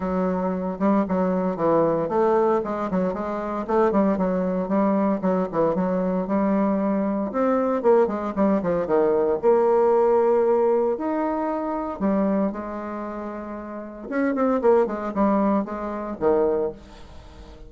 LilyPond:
\new Staff \with { instrumentName = "bassoon" } { \time 4/4 \tempo 4 = 115 fis4. g8 fis4 e4 | a4 gis8 fis8 gis4 a8 g8 | fis4 g4 fis8 e8 fis4 | g2 c'4 ais8 gis8 |
g8 f8 dis4 ais2~ | ais4 dis'2 g4 | gis2. cis'8 c'8 | ais8 gis8 g4 gis4 dis4 | }